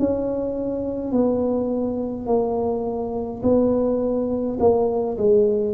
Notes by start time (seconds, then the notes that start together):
0.00 C#4
1.12 B3
2.27 A#3
3.43 B3
4.60 A#3
5.18 G#3